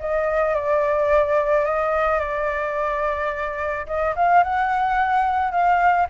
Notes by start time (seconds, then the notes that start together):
0.00 D#5
0.55 D5
1.65 D#5
2.20 D5
3.87 D#5
4.16 F5
4.43 F#5
5.52 F5